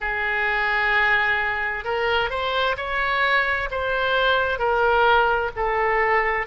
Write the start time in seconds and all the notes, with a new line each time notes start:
0.00 G#4
1.84 A#4
2.30 C5
2.77 C#5
3.70 C5
4.58 A#4
5.56 A4